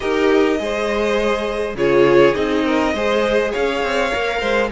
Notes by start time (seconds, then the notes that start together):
0.00 D#4 G4 A#4 D#5
0.59 G#3 G#4 C5
1.74 C#3 F4 G#4 C#5
2.34 C4 D#4 D#5
2.64 A#4
2.93 G#3 G#4 C5
3.51 C#4 C#5 F5
3.82 C4
4.11 A#3 A#4
4.40 G#3 C5